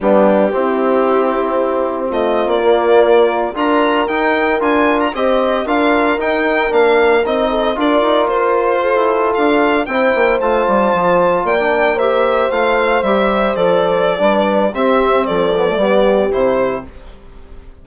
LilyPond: <<
  \new Staff \with { instrumentName = "violin" } { \time 4/4 \tempo 4 = 114 g'1 | dis''8. d''2 ais''4 g''16~ | g''8. gis''8. ais''16 dis''4 f''4 g''16~ | g''8. f''4 dis''4 d''4 c''16~ |
c''4.~ c''16 f''4 g''4 a''16~ | a''4.~ a''16 g''4 e''4 f''16~ | f''8. e''4 d''2~ d''16 | e''4 d''2 c''4 | }
  \new Staff \with { instrumentName = "horn" } { \time 4/4 d'4 e'2. | f'2~ f'8. ais'4~ ais'16~ | ais'4.~ ais'16 c''4 ais'4~ ais'16~ | ais'2~ ais'16 a'8 ais'4~ ais'16~ |
ais'8. a'2 c''4~ c''16~ | c''4.~ c''16 d''4 c''4~ c''16~ | c''2. b'4 | g'4 a'4 g'2 | }
  \new Staff \with { instrumentName = "trombone" } { \time 4/4 b4 c'2.~ | c'4 ais4.~ ais16 f'4 dis'16~ | dis'8. f'4 g'4 f'4 dis'16~ | dis'8. d'4 dis'4 f'4~ f'16~ |
f'2~ f'8. e'4 f'16~ | f'2 d'8. g'4 f'16~ | f'8. g'4 a'4~ a'16 d'4 | c'4. b16 a16 b4 e'4 | }
  \new Staff \with { instrumentName = "bassoon" } { \time 4/4 g4 c'2. | a8. ais2 d'4 dis'16~ | dis'8. d'4 c'4 d'4 dis'16~ | dis'8. ais4 c'4 d'8 dis'8 f'16~ |
f'4 e'8. d'4 c'8 ais8 a16~ | a16 g8 f4 ais2 a16~ | a8. g4 f4~ f16 g4 | c'4 f4 g4 c4 | }
>>